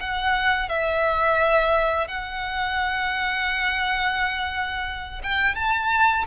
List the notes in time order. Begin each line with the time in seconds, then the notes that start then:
0.00 F#5
0.69 E5
2.08 F#5
5.23 G5
5.55 A5